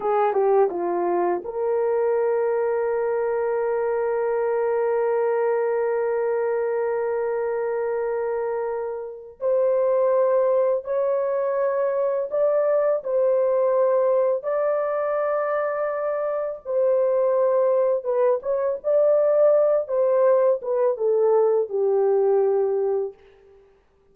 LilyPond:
\new Staff \with { instrumentName = "horn" } { \time 4/4 \tempo 4 = 83 gis'8 g'8 f'4 ais'2~ | ais'1~ | ais'1~ | ais'4 c''2 cis''4~ |
cis''4 d''4 c''2 | d''2. c''4~ | c''4 b'8 cis''8 d''4. c''8~ | c''8 b'8 a'4 g'2 | }